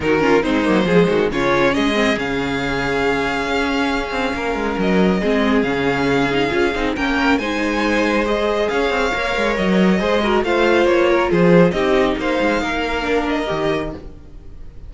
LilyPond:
<<
  \new Staff \with { instrumentName = "violin" } { \time 4/4 \tempo 4 = 138 ais'4 c''2 cis''4 | dis''4 f''2.~ | f''2. dis''4~ | dis''4 f''2. |
g''4 gis''2 dis''4 | f''2 dis''2 | f''4 cis''4 c''4 dis''4 | f''2~ f''8 dis''4. | }
  \new Staff \with { instrumentName = "violin" } { \time 4/4 fis'8 f'8 dis'4 gis'8 fis'8 f'4 | gis'1~ | gis'2 ais'2 | gis'1 |
ais'4 c''2. | cis''2. c''8 ais'8 | c''4. ais'8 gis'4 g'4 | c''4 ais'2. | }
  \new Staff \with { instrumentName = "viola" } { \time 4/4 dis'8 cis'8 c'8 ais8 gis4 cis'4~ | cis'8 c'8 cis'2.~ | cis'1 | c'4 cis'4. dis'8 f'8 dis'8 |
cis'4 dis'2 gis'4~ | gis'4 ais'2 gis'8 fis'8 | f'2. dis'4~ | dis'2 d'4 g'4 | }
  \new Staff \with { instrumentName = "cello" } { \time 4/4 dis4 gis8 fis8 f8 dis8 cis4 | gis4 cis2. | cis'4. c'8 ais8 gis8 fis4 | gis4 cis2 cis'8 c'8 |
ais4 gis2. | cis'8 c'8 ais8 gis8 fis4 gis4 | a4 ais4 f4 c'4 | ais8 gis8 ais2 dis4 | }
>>